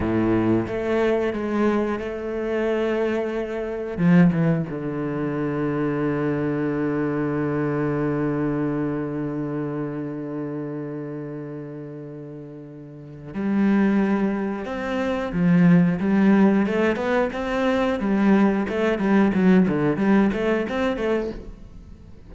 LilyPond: \new Staff \with { instrumentName = "cello" } { \time 4/4 \tempo 4 = 90 a,4 a4 gis4 a4~ | a2 f8 e8 d4~ | d1~ | d1~ |
d1 | g2 c'4 f4 | g4 a8 b8 c'4 g4 | a8 g8 fis8 d8 g8 a8 c'8 a8 | }